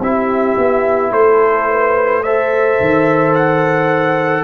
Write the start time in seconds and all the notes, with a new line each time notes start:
0.00 C4 E4 G4 E5
0.58 B3
1.12 A3 A4 C5
1.71 B4
2.23 A4 C5 E5
2.81 D#3
3.35 F#5